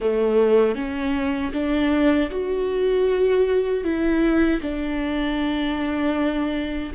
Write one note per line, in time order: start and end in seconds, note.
0.00 0.75 A3
0.75 1.52 C#4
1.52 2.29 D4
2.30 3.84 F#4
3.84 4.60 E4
4.61 6.92 D4